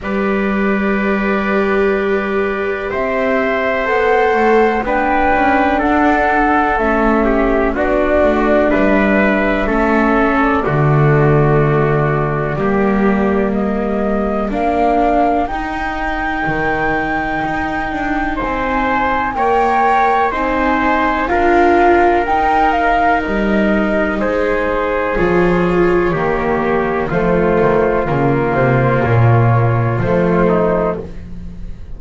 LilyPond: <<
  \new Staff \with { instrumentName = "flute" } { \time 4/4 \tempo 4 = 62 d''2. e''4 | fis''4 g''4 fis''4 e''4 | d''4 e''4.~ e''16 d''4~ d''16~ | d''2 dis''4 f''4 |
g''2. gis''4 | g''4 gis''4 f''4 g''8 f''8 | dis''4 c''4 cis''2 | c''4 ais'8 c''8 cis''4 c''4 | }
  \new Staff \with { instrumentName = "trumpet" } { \time 4/4 b'2. c''4~ | c''4 b'4 a'4. g'8 | fis'4 b'4 a'4 fis'4~ | fis'4 g'4 ais'2~ |
ais'2. c''4 | cis''4 c''4 ais'2~ | ais'4 gis'2 g'4 | f'2.~ f'8 dis'8 | }
  \new Staff \with { instrumentName = "viola" } { \time 4/4 g'1 | a'4 d'2 cis'4 | d'2 cis'4 a4~ | a4 ais2 d'4 |
dis'1 | ais'4 dis'4 f'4 dis'4~ | dis'2 f'4 ais4 | a4 ais2 a4 | }
  \new Staff \with { instrumentName = "double bass" } { \time 4/4 g2. c'4 | b8 a8 b8 cis'8 d'4 a4 | b8 a8 g4 a4 d4~ | d4 g2 ais4 |
dis'4 dis4 dis'8 d'8 c'4 | ais4 c'4 d'4 dis'4 | g4 gis4 f4 dis4 | f8 dis8 cis8 c8 ais,4 f4 | }
>>